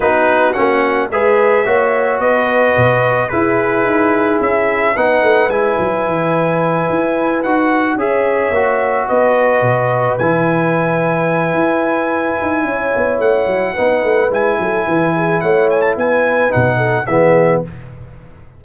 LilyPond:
<<
  \new Staff \with { instrumentName = "trumpet" } { \time 4/4 \tempo 4 = 109 b'4 fis''4 e''2 | dis''2 b'2 | e''4 fis''4 gis''2~ | gis''4. fis''4 e''4.~ |
e''8 dis''2 gis''4.~ | gis''1 | fis''2 gis''2 | fis''8 gis''16 a''16 gis''4 fis''4 e''4 | }
  \new Staff \with { instrumentName = "horn" } { \time 4/4 fis'2 b'4 cis''4 | b'2 gis'2~ | gis'4 b'2.~ | b'2~ b'8 cis''4.~ |
cis''8 b'2.~ b'8~ | b'2. cis''4~ | cis''4 b'4. a'8 b'8 gis'8 | cis''4 b'4. a'8 gis'4 | }
  \new Staff \with { instrumentName = "trombone" } { \time 4/4 dis'4 cis'4 gis'4 fis'4~ | fis'2 e'2~ | e'4 dis'4 e'2~ | e'4. fis'4 gis'4 fis'8~ |
fis'2~ fis'8 e'4.~ | e'1~ | e'4 dis'4 e'2~ | e'2 dis'4 b4 | }
  \new Staff \with { instrumentName = "tuba" } { \time 4/4 b4 ais4 gis4 ais4 | b4 b,4 e'4 dis'4 | cis'4 b8 a8 gis8 fis8 e4~ | e8 e'4 dis'4 cis'4 ais8~ |
ais8 b4 b,4 e4.~ | e4 e'4. dis'8 cis'8 b8 | a8 fis8 b8 a8 gis8 fis8 e4 | a4 b4 b,4 e4 | }
>>